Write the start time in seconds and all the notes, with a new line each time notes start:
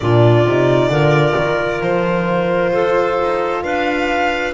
0.00 A#2 D4 F4 D5
0.47 C3 D#4
0.89 D3 F4 A#4
1.37 D#3
1.81 F3 C5
2.72 F4 A4
3.22 D#4
3.63 D4 B4 F5